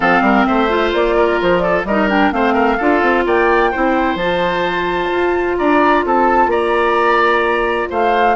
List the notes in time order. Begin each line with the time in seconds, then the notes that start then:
0.00 F3 C4 A4 F5
0.21 G3 A#4
0.45 A3 C5 E5
0.68 F4
0.93 A#3 D5
1.16 A#4
1.41 F3 C5
1.58 A4 D5
1.84 G3 A#4 D#5
1.91 D#4
2.09 D4 G5
2.31 A3 C4 C5 F5
2.53 A#4
2.77 D4 F4 A4
3.01 C4
3.25 A#3 D5 G5
3.71 C4 E4 C5
4.15 F3 F4 A5
5.11 F4
5.57 D4 D5 A#5
6.05 C4 A4 A5
6.47 A#3 D5 A#5
7.89 A3 C5 F5